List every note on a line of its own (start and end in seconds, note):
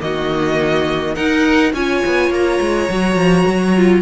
0.00 1.16 D#3
0.00 1.15 A#3
0.00 1.15 F#4
0.00 1.15 D#5
1.15 1.74 D#4
1.15 1.73 D#4
1.15 1.73 A#4
1.15 1.72 F#5
1.73 2.02 C#4
1.73 2.90 F4
1.73 4.01 C#5
1.73 2.32 G#5
2.05 2.30 B3
2.30 2.59 A#3
2.30 4.01 A#5
2.60 2.89 G#3
2.90 3.15 F#3
2.90 3.76 F#4
3.15 3.44 F3
3.47 4.01 F#3
3.76 4.01 F4